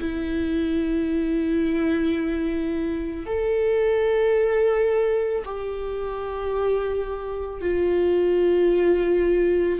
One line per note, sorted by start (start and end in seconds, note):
0.00 3.26 E4
3.26 5.44 A4
5.45 7.62 G4
7.62 9.80 F4